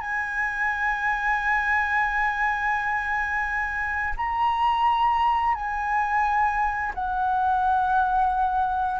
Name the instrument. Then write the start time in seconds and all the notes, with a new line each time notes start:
flute
0.00 G#5
4.17 A#5
5.55 G#5
6.94 F#5